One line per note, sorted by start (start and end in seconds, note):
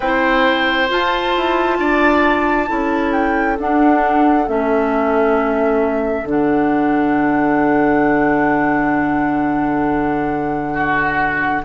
0.00 0.89 C4
0.00 0.88 E4
0.00 1.77 C5
0.00 0.88 G5
0.88 2.67 F4
0.88 1.35 F4
0.88 3.12 A5
1.36 1.78 E4
1.78 2.68 D4
1.78 2.69 D5
2.67 3.59 C#4
2.67 3.56 E4
2.67 10.72 A4
3.12 3.57 G5
3.59 4.48 D4
3.59 4.46 D4
3.59 4.48 F#5
4.46 6.23 A3
4.46 6.25 C#4
4.46 6.27 E5
6.23 11.61 D3
6.23 11.62 D4
6.30 11.64 F#5
10.72 11.62 F#4